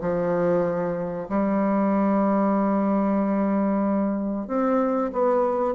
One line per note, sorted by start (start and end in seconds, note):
0.00 1.28 F3
1.29 4.47 G3
4.47 5.11 C4
5.12 5.74 B3